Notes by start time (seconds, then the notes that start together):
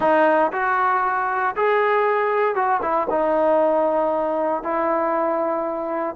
0.00 D#4
0.52 F#4
1.56 G#4
2.55 F#4
2.82 E4
3.10 D#4
4.63 E4